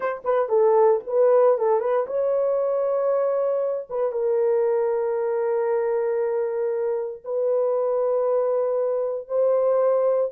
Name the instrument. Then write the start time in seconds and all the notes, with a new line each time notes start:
horn
0.00 C5
0.24 B4
0.49 A4
1.07 B4
1.58 A4
1.80 B4
2.06 C#5
3.89 B4
4.12 A#4
7.24 B4
9.28 C5